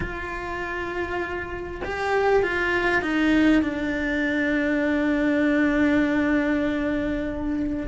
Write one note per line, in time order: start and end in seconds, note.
0.00 1.81 F4
1.84 2.42 G4
2.42 3.02 F4
3.02 3.62 D#4
3.62 7.86 D4